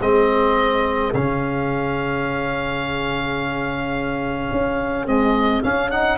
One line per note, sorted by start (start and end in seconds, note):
0.00 1.13 G#3
0.00 1.14 C4
0.00 6.17 G#4
0.00 1.14 D#5
1.14 4.51 C#3
1.14 5.08 C#4
1.14 5.07 F5
4.52 5.06 C#4
5.06 5.64 G#3
5.06 5.62 C4
5.06 5.63 D#5
5.63 5.92 C#4
5.63 6.19 C#4
5.63 5.91 F5
5.91 6.19 D#4
5.91 6.19 F#5